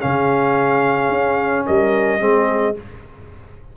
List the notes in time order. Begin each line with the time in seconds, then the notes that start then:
0.00 C#3 C#4 G#4 F5
1.09 C#4
1.66 G3 A#4 D#5
2.20 G#3 C4 G#4